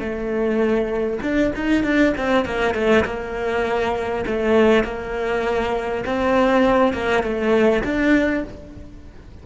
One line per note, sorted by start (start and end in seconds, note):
0.00 1.20 A3
1.23 1.53 D4
1.56 1.84 D#4
1.84 2.14 D4
2.17 2.45 C4
2.45 2.75 A#3
2.75 3.05 A3
3.05 4.25 A#3
4.27 4.84 A3
4.84 6.04 A#3
6.06 6.94 C4
6.94 7.24 A#3
7.24 7.84 A3
7.84 8.44 D4